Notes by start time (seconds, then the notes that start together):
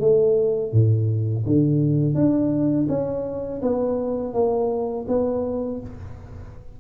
0.00 A3
0.72 A2
1.46 D3
2.15 D4
2.89 C#4
3.62 B3
4.33 A#3
5.08 B3